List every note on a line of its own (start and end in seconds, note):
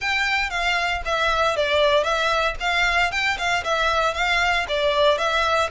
0.00 0.50 G5
0.50 1.02 F5
1.05 1.56 E5
1.56 2.03 D5
2.03 2.55 E5
2.60 3.11 F5
3.11 3.37 G5
3.37 3.63 F5
3.64 4.14 E5
4.14 4.66 F5
4.68 5.18 D5
5.18 5.69 E5